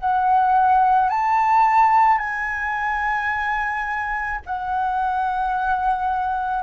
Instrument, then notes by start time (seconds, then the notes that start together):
flute
0.00 F#5
1.10 A5
2.18 G#5
4.46 F#5